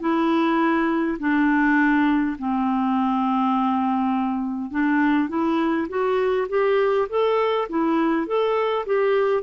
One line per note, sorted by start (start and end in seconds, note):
0.00 1.18 E4
1.20 2.37 D4
2.39 4.71 C4
4.71 5.29 D4
5.29 5.88 E4
5.89 6.48 F#4
6.49 7.08 G4
7.10 7.68 A4
7.70 8.27 E4
8.27 8.86 A4
8.86 9.43 G4